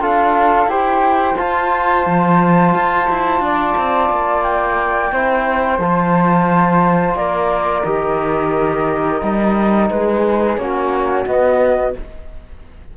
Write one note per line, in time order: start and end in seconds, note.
0.00 0.66 D4
0.00 0.68 F4
0.00 0.70 A4
0.00 0.69 F5
0.66 1.34 E4
0.66 1.36 G4
0.66 3.43 C5
0.66 1.37 G5
1.36 5.11 F4
1.36 2.07 F4
1.36 4.43 A5
2.07 2.75 F3
2.75 3.09 F4
3.10 3.40 E4
3.40 3.74 D4
3.40 5.13 D5
3.78 4.10 C4
4.10 5.12 A#3
4.43 5.80 G5
5.12 5.79 C4
5.12 5.80 E4
5.12 7.18 C5
5.79 7.15 F3
5.79 7.86 F4
5.79 7.17 A5
7.15 7.83 A#3
7.15 9.91 A#4
7.15 7.85 D5
7.85 9.22 D#3
7.85 9.22 G4
7.85 9.89 D#5
9.22 9.90 G3
9.22 10.59 D#4
9.90 10.57 G#3
9.90 10.61 G#4
9.90 10.58 B4
10.57 11.26 A#3
10.57 11.26 C#4
10.57 11.97 F#4
10.57 11.26 C#5
11.26 11.94 B3
11.26 11.95 B3
11.26 11.94 D#5